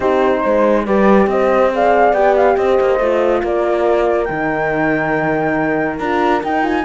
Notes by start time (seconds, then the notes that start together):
0.00 C4 D#4 G4 C5
0.42 G#3 C5
0.85 G3 G4 B4 D5
1.27 C4 C5 D#5
1.72 G#4 D5 F5
2.13 B3 G4 G5
2.36 F5
2.56 C4 C5 D#5
2.80 A#3
2.99 A3 F4
3.41 A#3 A#4 D5
4.24 D#3 D#4 G5
5.99 D4 F4 A#5
6.43 D#4 G5
6.62 F4 G#5